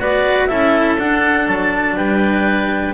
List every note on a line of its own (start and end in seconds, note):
0.00 0.50 B3
0.00 0.49 F#4
0.00 0.49 B4
0.00 0.47 D5
0.47 0.99 C#4
0.47 0.98 E4
0.47 1.96 A4
0.47 0.96 E5
0.99 1.47 D4
0.99 2.94 D4
0.99 1.48 F#5
1.47 1.96 F#3
1.47 1.97 A5
1.96 2.94 G3
1.96 2.94 B4
1.96 2.94 G5